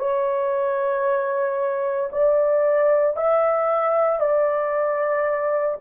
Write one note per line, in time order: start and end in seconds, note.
0.00 2.11 C#5
2.12 3.17 D5
3.17 4.21 E5
4.21 5.78 D5